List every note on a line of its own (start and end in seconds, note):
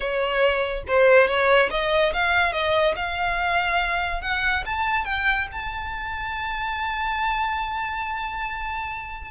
0.00 0.83 C#5
0.87 1.27 C5
1.27 1.69 C#5
1.70 2.12 D#5
2.13 2.52 F5
2.52 2.94 D#5
2.95 4.21 F5
4.21 4.64 F#5
4.65 5.04 A5
5.04 5.47 G5
5.52 9.31 A5